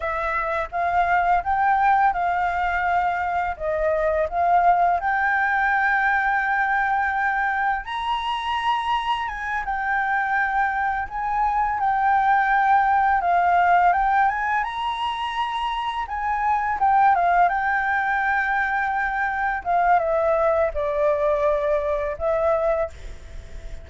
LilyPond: \new Staff \with { instrumentName = "flute" } { \time 4/4 \tempo 4 = 84 e''4 f''4 g''4 f''4~ | f''4 dis''4 f''4 g''4~ | g''2. ais''4~ | ais''4 gis''8 g''2 gis''8~ |
gis''8 g''2 f''4 g''8 | gis''8 ais''2 gis''4 g''8 | f''8 g''2. f''8 | e''4 d''2 e''4 | }